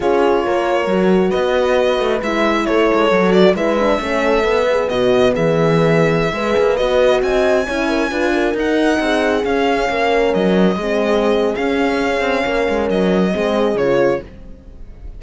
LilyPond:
<<
  \new Staff \with { instrumentName = "violin" } { \time 4/4 \tempo 4 = 135 cis''2. dis''4~ | dis''4 e''4 cis''4. d''8 | e''2. dis''4 | e''2.~ e''16 dis''8.~ |
dis''16 gis''2. fis''8.~ | fis''4~ fis''16 f''2 dis''8.~ | dis''2 f''2~ | f''4 dis''2 cis''4 | }
  \new Staff \with { instrumentName = "horn" } { \time 4/4 gis'4 ais'2 b'4~ | b'2 a'2 | b'4 a'4. gis'8 fis'4 | gis'2~ gis'16 b'4.~ b'16~ |
b'16 dis''4 cis''8 ais'8 b'8 ais'4~ ais'16~ | ais'16 gis'2 ais'4.~ ais'16~ | ais'16 gis'2.~ gis'8. | ais'2 gis'2 | }
  \new Staff \with { instrumentName = "horn" } { \time 4/4 f'2 fis'2~ | fis'4 e'2 fis'4 | e'8 d'8 cis'4 b2~ | b2~ b16 gis'4 fis'8.~ |
fis'4~ fis'16 e'4 f'4 dis'8.~ | dis'4~ dis'16 cis'2~ cis'8.~ | cis'16 c'4.~ c'16 cis'2~ | cis'2 c'4 f'4 | }
  \new Staff \with { instrumentName = "cello" } { \time 4/4 cis'4 ais4 fis4 b4~ | b8 a8 gis4 a8 gis8 fis4 | gis4 a4 b4 b,4 | e2~ e16 gis8 ais8 b8.~ |
b16 c'4 cis'4 d'4 dis'8.~ | dis'16 c'4 cis'4 ais4 fis8.~ | fis16 gis4.~ gis16 cis'4. c'8 | ais8 gis8 fis4 gis4 cis4 | }
>>